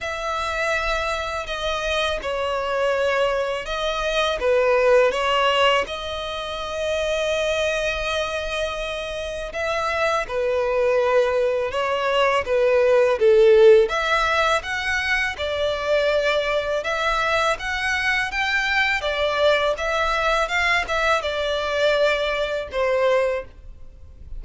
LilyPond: \new Staff \with { instrumentName = "violin" } { \time 4/4 \tempo 4 = 82 e''2 dis''4 cis''4~ | cis''4 dis''4 b'4 cis''4 | dis''1~ | dis''4 e''4 b'2 |
cis''4 b'4 a'4 e''4 | fis''4 d''2 e''4 | fis''4 g''4 d''4 e''4 | f''8 e''8 d''2 c''4 | }